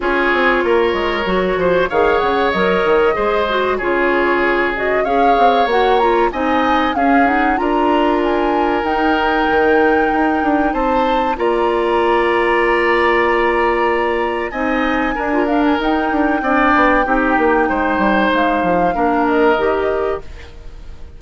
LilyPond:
<<
  \new Staff \with { instrumentName = "flute" } { \time 4/4 \tempo 4 = 95 cis''2. f''8 fis''8 | dis''2 cis''4. dis''8 | f''4 fis''8 ais''8 gis''4 f''8 fis''8 | ais''4 gis''4 g''2~ |
g''4 a''4 ais''2~ | ais''2. gis''4~ | gis''8 f''16 gis''16 g''2.~ | g''4 f''4. dis''4. | }
  \new Staff \with { instrumentName = "oboe" } { \time 4/4 gis'4 ais'4. c''8 cis''4~ | cis''4 c''4 gis'2 | cis''2 dis''4 gis'4 | ais'1~ |
ais'4 c''4 d''2~ | d''2. dis''4 | ais'2 d''4 g'4 | c''2 ais'2 | }
  \new Staff \with { instrumentName = "clarinet" } { \time 4/4 f'2 fis'4 gis'4 | ais'4 gis'8 fis'8 f'4. fis'8 | gis'4 fis'8 f'8 dis'4 cis'8 dis'8 | f'2 dis'2~ |
dis'2 f'2~ | f'2. dis'4 | d'16 f'16 d'8 dis'4 d'4 dis'4~ | dis'2 d'4 g'4 | }
  \new Staff \with { instrumentName = "bassoon" } { \time 4/4 cis'8 c'8 ais8 gis8 fis8 f8 dis8 cis8 | fis8 dis8 gis4 cis2 | cis'8 c'8 ais4 c'4 cis'4 | d'2 dis'4 dis4 |
dis'8 d'8 c'4 ais2~ | ais2. c'4 | d'4 dis'8 d'8 c'8 b8 c'8 ais8 | gis8 g8 gis8 f8 ais4 dis4 | }
>>